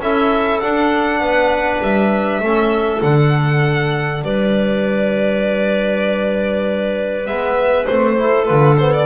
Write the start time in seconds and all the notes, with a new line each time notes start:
0.00 C#4 E4 A4 E5
0.60 D4 F#5
1.20 B3 B4
1.82 G3 E5
2.40 A3 C#4 A4
3.00 D3 D4 F#5
4.23 G3 B4 D5
7.24 G#3 B3 E5
7.86 A3 C4 C5
8.17 E4 A4
8.45 D3 F4 B4
8.78 B3 C5
8.93 D5